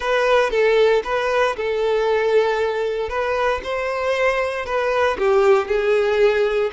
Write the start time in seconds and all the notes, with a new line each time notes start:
0.00 B4
0.50 A4
1.04 B4
1.56 A4
3.09 B4
3.63 C5
4.65 B4
5.18 G4
5.67 G#4